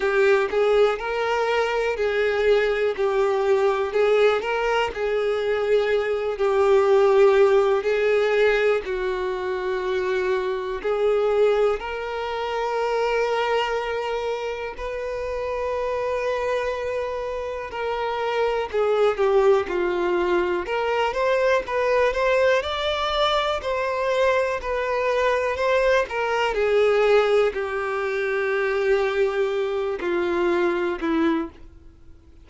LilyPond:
\new Staff \with { instrumentName = "violin" } { \time 4/4 \tempo 4 = 61 g'8 gis'8 ais'4 gis'4 g'4 | gis'8 ais'8 gis'4. g'4. | gis'4 fis'2 gis'4 | ais'2. b'4~ |
b'2 ais'4 gis'8 g'8 | f'4 ais'8 c''8 b'8 c''8 d''4 | c''4 b'4 c''8 ais'8 gis'4 | g'2~ g'8 f'4 e'8 | }